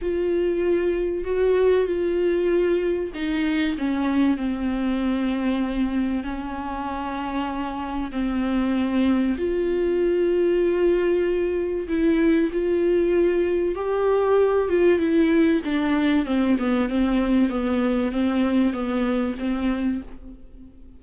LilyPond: \new Staff \with { instrumentName = "viola" } { \time 4/4 \tempo 4 = 96 f'2 fis'4 f'4~ | f'4 dis'4 cis'4 c'4~ | c'2 cis'2~ | cis'4 c'2 f'4~ |
f'2. e'4 | f'2 g'4. f'8 | e'4 d'4 c'8 b8 c'4 | b4 c'4 b4 c'4 | }